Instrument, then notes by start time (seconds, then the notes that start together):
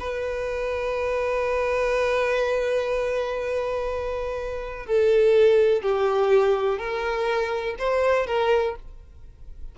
violin
0.00 B4
4.86 A4
5.82 G4
6.78 A#4
7.79 C5
8.27 A#4